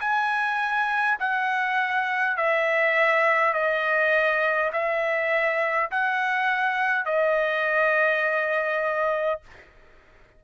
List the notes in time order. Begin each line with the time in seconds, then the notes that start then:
0.00 G#5
1.19 F#5
2.36 E5
3.53 D#5
4.72 E5
5.90 F#5
7.05 D#5